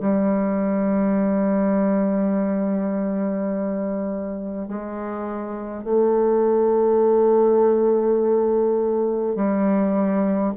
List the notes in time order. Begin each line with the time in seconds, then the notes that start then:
0.00 G3
4.67 G#3
5.83 A3
9.35 G3